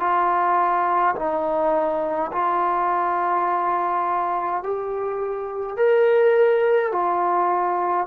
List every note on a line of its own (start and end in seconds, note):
0.00 1.15 F4
1.16 2.31 D#4
2.32 4.63 F4
4.64 5.77 G4
5.77 6.92 A#4
6.92 8.07 F4